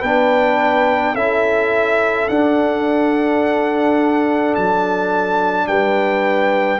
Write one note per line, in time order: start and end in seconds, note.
0.00 1.14 B3
0.00 1.16 D4
0.00 1.13 B4
0.00 1.15 G5
1.13 2.28 C#4
1.13 2.29 E4
1.13 5.66 A4
1.13 2.28 E5
2.28 4.56 D4
2.28 6.79 D4
2.28 4.54 F#5
4.55 5.67 F#3
4.55 5.67 A5
5.67 6.79 G3
5.67 6.79 B4
5.67 6.79 G5